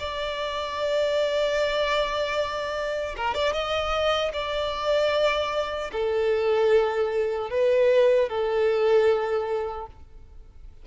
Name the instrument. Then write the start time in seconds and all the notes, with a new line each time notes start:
violin
0.00 D5
3.17 A#4
3.34 D5
3.53 D#5
4.33 D5
5.93 A4
7.50 B4
8.29 A4